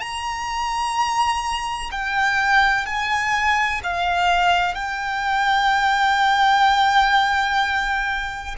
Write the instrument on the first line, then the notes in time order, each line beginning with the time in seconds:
violin
0.00 A#5
1.91 G5
2.86 G#5
3.84 F5
4.75 G5